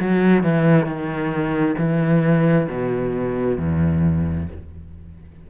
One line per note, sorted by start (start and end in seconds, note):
0.00 0.43 F#3
0.43 0.85 E3
0.85 1.75 D#3
1.78 2.67 E3
2.68 3.57 B2
3.57 4.47 E2